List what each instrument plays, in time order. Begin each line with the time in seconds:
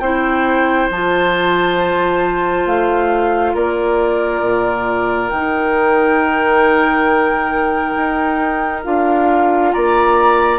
0.00 bassoon C4, clarinet E4, oboe C5, flute G5
0.90 bassoon F3, clarinet F4, flute A5
2.66 bassoon A3, flute F5
3.54 bassoon A#3, oboe A#4, flute D5
4.42 bassoon A#2
5.29 bassoon D#3, flute G5
5.35 clarinet D#4
7.97 bassoon D#4
8.84 bassoon D4, clarinet F4, flute F5
9.73 bassoon A#3, oboe D5, flute A#5